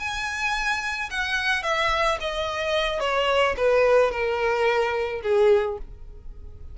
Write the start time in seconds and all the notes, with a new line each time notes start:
0.00 G#5
1.11 F#5
1.63 E5
2.21 D#5
3.01 C#5
3.57 B4
4.12 A#4
5.23 G#4